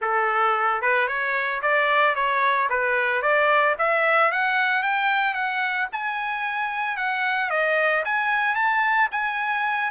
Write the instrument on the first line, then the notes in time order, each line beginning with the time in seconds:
trumpet
0.01 A4
0.81 B4
1.07 C#5
1.62 D5
2.15 C#5
2.69 B4
3.21 D5
3.78 E5
4.31 F#5
4.82 G5
5.34 F#5
5.92 G#5
6.96 F#5
7.50 D#5
8.05 G#5
8.55 A5
9.11 G#5